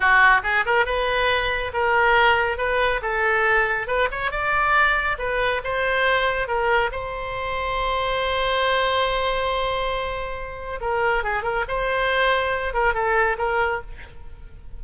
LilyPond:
\new Staff \with { instrumentName = "oboe" } { \time 4/4 \tempo 4 = 139 fis'4 gis'8 ais'8 b'2 | ais'2 b'4 a'4~ | a'4 b'8 cis''8 d''2 | b'4 c''2 ais'4 |
c''1~ | c''1~ | c''4 ais'4 gis'8 ais'8 c''4~ | c''4. ais'8 a'4 ais'4 | }